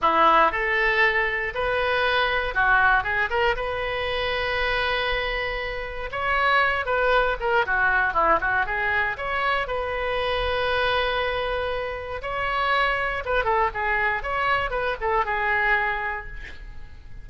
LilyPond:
\new Staff \with { instrumentName = "oboe" } { \time 4/4 \tempo 4 = 118 e'4 a'2 b'4~ | b'4 fis'4 gis'8 ais'8 b'4~ | b'1 | cis''4. b'4 ais'8 fis'4 |
e'8 fis'8 gis'4 cis''4 b'4~ | b'1 | cis''2 b'8 a'8 gis'4 | cis''4 b'8 a'8 gis'2 | }